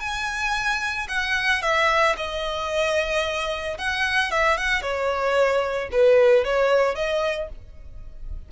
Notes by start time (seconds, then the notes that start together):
0.00 G#5
1.08 F#5
1.62 E5
2.16 D#5
3.78 F#5
4.31 E5
4.57 F#5
4.82 C#5
5.91 B4
6.44 C#5
6.95 D#5